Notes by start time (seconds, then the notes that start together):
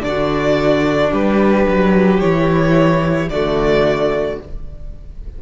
0.00 D3 D4 D5
0.08 F#4
1.12 G3 G4 B4
1.68 F#3
2.20 E3 E4 C#5
3.30 D3 A3 F#4 D5